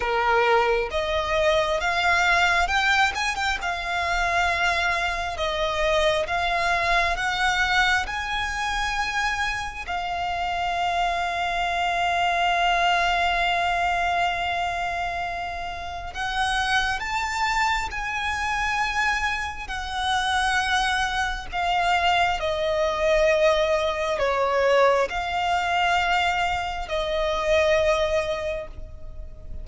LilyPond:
\new Staff \with { instrumentName = "violin" } { \time 4/4 \tempo 4 = 67 ais'4 dis''4 f''4 g''8 gis''16 g''16 | f''2 dis''4 f''4 | fis''4 gis''2 f''4~ | f''1~ |
f''2 fis''4 a''4 | gis''2 fis''2 | f''4 dis''2 cis''4 | f''2 dis''2 | }